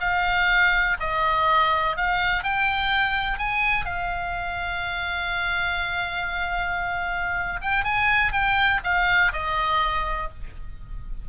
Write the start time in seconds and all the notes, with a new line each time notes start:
0.00 F5
1.00 D#5
1.96 F5
2.43 G5
3.38 G#5
3.85 F5
7.61 G5
7.84 G#5
8.32 G5
8.84 F5
9.32 D#5